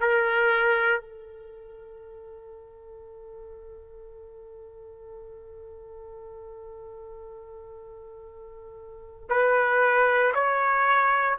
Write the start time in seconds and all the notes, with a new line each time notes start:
0.00 A#4
1.01 A4
9.30 B4
10.34 C#5